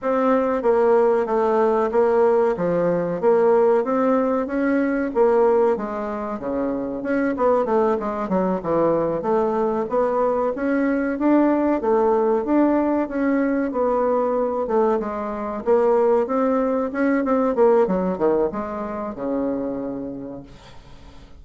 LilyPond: \new Staff \with { instrumentName = "bassoon" } { \time 4/4 \tempo 4 = 94 c'4 ais4 a4 ais4 | f4 ais4 c'4 cis'4 | ais4 gis4 cis4 cis'8 b8 | a8 gis8 fis8 e4 a4 b8~ |
b8 cis'4 d'4 a4 d'8~ | d'8 cis'4 b4. a8 gis8~ | gis8 ais4 c'4 cis'8 c'8 ais8 | fis8 dis8 gis4 cis2 | }